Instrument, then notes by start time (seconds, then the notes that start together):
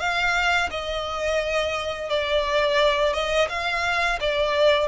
violin
0.00 F5
0.71 D#5
2.09 D5
3.14 D#5
3.49 F5
4.21 D5